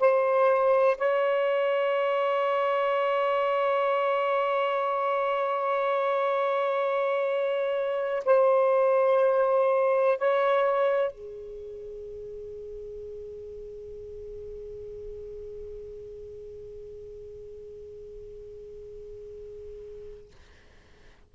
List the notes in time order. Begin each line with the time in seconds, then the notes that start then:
0.00 C5
0.98 C#5
8.25 C5
10.18 C#5
11.12 G#4